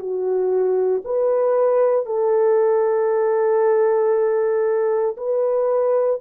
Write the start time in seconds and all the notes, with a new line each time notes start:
0.00 F#4
1.05 B4
2.06 A4
5.18 B4